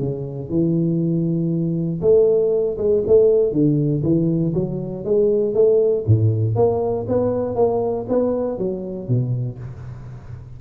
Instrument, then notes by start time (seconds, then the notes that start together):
tuba
0.00 C#3
0.50 E3
2.02 A3
2.78 G#3
3.07 A3
3.53 D3
4.04 E3
4.55 F#3
5.05 G#3
5.55 A3
6.07 A2
6.56 A#3
7.09 B3
7.56 A#3
8.09 B3
8.59 F#3
9.09 B2